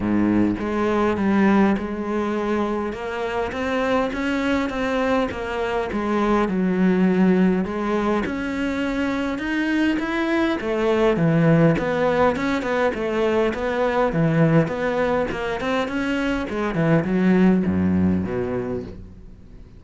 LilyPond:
\new Staff \with { instrumentName = "cello" } { \time 4/4 \tempo 4 = 102 gis,4 gis4 g4 gis4~ | gis4 ais4 c'4 cis'4 | c'4 ais4 gis4 fis4~ | fis4 gis4 cis'2 |
dis'4 e'4 a4 e4 | b4 cis'8 b8 a4 b4 | e4 b4 ais8 c'8 cis'4 | gis8 e8 fis4 fis,4 b,4 | }